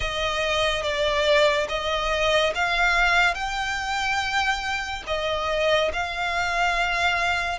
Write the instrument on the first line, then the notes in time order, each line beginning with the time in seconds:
violin
0.00 D#5
0.82 D5
1.69 D#5
2.54 F5
3.34 G5
5.07 D#5
5.92 F5